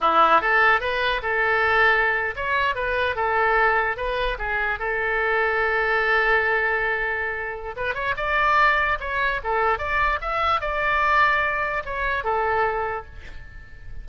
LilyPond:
\new Staff \with { instrumentName = "oboe" } { \time 4/4 \tempo 4 = 147 e'4 a'4 b'4 a'4~ | a'4.~ a'16 cis''4 b'4 a'16~ | a'4.~ a'16 b'4 gis'4 a'16~ | a'1~ |
a'2. b'8 cis''8 | d''2 cis''4 a'4 | d''4 e''4 d''2~ | d''4 cis''4 a'2 | }